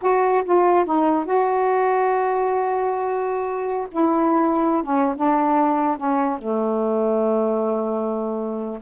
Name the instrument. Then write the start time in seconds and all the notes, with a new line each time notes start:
saxophone
0.01 F#4
0.44 F4
0.85 D#4
1.25 F#4
3.91 E4
4.83 C#4
5.16 D4
5.97 C#4
6.38 A3